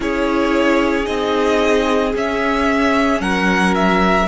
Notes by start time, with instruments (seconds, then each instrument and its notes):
0.00 cello C#4, viola E4, violin G#4 C#5
1.04 cello C4, viola D#4, violin D#5
2.14 viola C#4, cello C#4, violin E5
3.20 cello F#3, violin A#4 F#5
3.74 violin E5